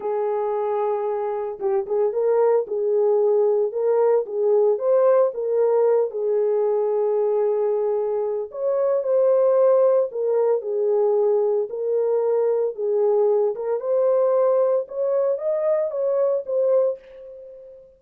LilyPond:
\new Staff \with { instrumentName = "horn" } { \time 4/4 \tempo 4 = 113 gis'2. g'8 gis'8 | ais'4 gis'2 ais'4 | gis'4 c''4 ais'4. gis'8~ | gis'1 |
cis''4 c''2 ais'4 | gis'2 ais'2 | gis'4. ais'8 c''2 | cis''4 dis''4 cis''4 c''4 | }